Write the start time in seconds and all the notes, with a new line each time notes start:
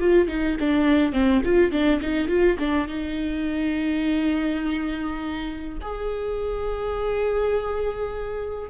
0.00 F4
0.28 D#4
0.60 D4
1.13 C4
1.45 F4
1.72 D4
2.02 D#4
2.28 F4
2.59 D4
2.88 D#4
5.82 G#4